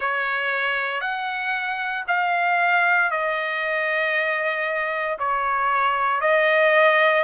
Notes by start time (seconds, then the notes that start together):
0.00 C#5
1.01 F#5
2.07 F5
3.10 D#5
5.19 C#5
6.21 D#5